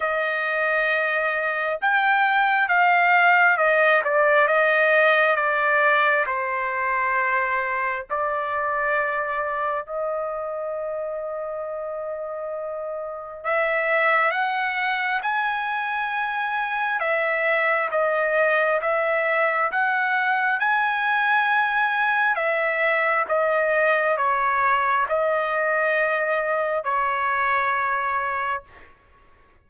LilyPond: \new Staff \with { instrumentName = "trumpet" } { \time 4/4 \tempo 4 = 67 dis''2 g''4 f''4 | dis''8 d''8 dis''4 d''4 c''4~ | c''4 d''2 dis''4~ | dis''2. e''4 |
fis''4 gis''2 e''4 | dis''4 e''4 fis''4 gis''4~ | gis''4 e''4 dis''4 cis''4 | dis''2 cis''2 | }